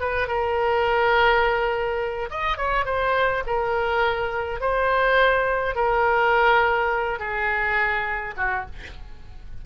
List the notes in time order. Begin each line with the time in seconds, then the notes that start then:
0.00 B4
0.28 A#4
2.30 D#5
2.57 C#5
2.85 C5
3.46 A#4
4.60 C5
5.75 A#4
7.19 G#4
8.37 F#4